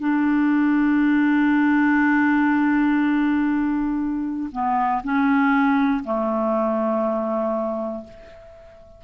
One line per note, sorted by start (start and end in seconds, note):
0.00 4.50 D4
4.53 5.03 B3
5.04 6.04 C#4
6.04 8.04 A3